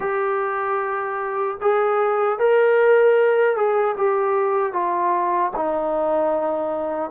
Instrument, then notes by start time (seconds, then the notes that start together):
trombone
0.00 G4
1.61 G#4
2.39 A#4
3.56 G#4
3.97 G4
4.72 F4
5.56 D#4